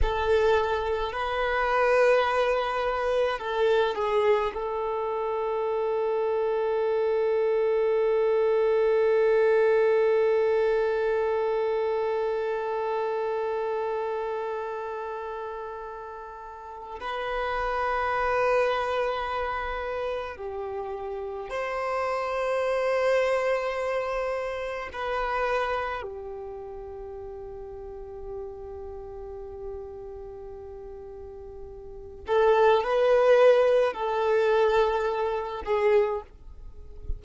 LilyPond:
\new Staff \with { instrumentName = "violin" } { \time 4/4 \tempo 4 = 53 a'4 b'2 a'8 gis'8 | a'1~ | a'1~ | a'2. b'4~ |
b'2 g'4 c''4~ | c''2 b'4 g'4~ | g'1~ | g'8 a'8 b'4 a'4. gis'8 | }